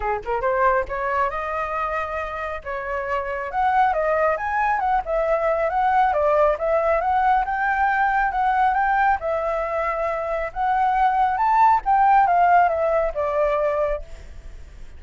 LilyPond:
\new Staff \with { instrumentName = "flute" } { \time 4/4 \tempo 4 = 137 gis'8 ais'8 c''4 cis''4 dis''4~ | dis''2 cis''2 | fis''4 dis''4 gis''4 fis''8 e''8~ | e''4 fis''4 d''4 e''4 |
fis''4 g''2 fis''4 | g''4 e''2. | fis''2 a''4 g''4 | f''4 e''4 d''2 | }